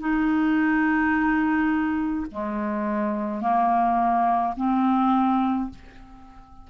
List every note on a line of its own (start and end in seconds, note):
0.00 2.26 D#4
2.31 3.41 G#3
3.41 4.54 A#3
4.57 5.70 C4